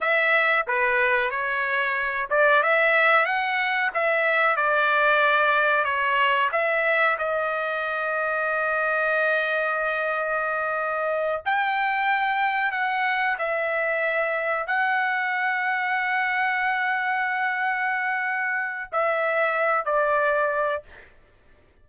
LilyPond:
\new Staff \with { instrumentName = "trumpet" } { \time 4/4 \tempo 4 = 92 e''4 b'4 cis''4. d''8 | e''4 fis''4 e''4 d''4~ | d''4 cis''4 e''4 dis''4~ | dis''1~ |
dis''4. g''2 fis''8~ | fis''8 e''2 fis''4.~ | fis''1~ | fis''4 e''4. d''4. | }